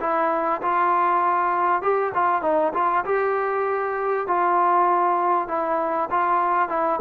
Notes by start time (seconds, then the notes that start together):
0.00 E4
0.62 F4
1.82 G4
2.14 F4
2.42 D#4
2.74 F4
3.05 G4
4.27 F4
5.48 E4
6.11 F4
6.69 E4